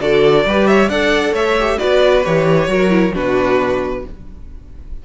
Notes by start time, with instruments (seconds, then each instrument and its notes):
0.00 cello D3, viola F#4, violin A4 D5
0.45 cello G3, viola G4, violin B4
0.67 violin C#5 E5
0.89 cello D4, viola A4, violin D5 F#5
1.32 cello A3, violin C#5 E5
1.59 viola G4
1.78 cello B3, viola F#4, violin B4 D5
2.23 cello E3, viola G4, violin C#5
2.67 cello F#3, viola F#4, violin A#4
2.89 viola E4
3.13 cello B2, viola D4, violin F#4 B4